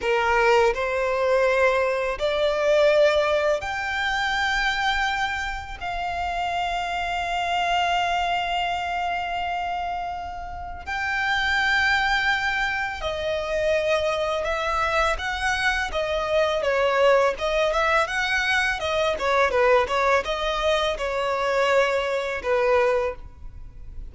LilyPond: \new Staff \with { instrumentName = "violin" } { \time 4/4 \tempo 4 = 83 ais'4 c''2 d''4~ | d''4 g''2. | f''1~ | f''2. g''4~ |
g''2 dis''2 | e''4 fis''4 dis''4 cis''4 | dis''8 e''8 fis''4 dis''8 cis''8 b'8 cis''8 | dis''4 cis''2 b'4 | }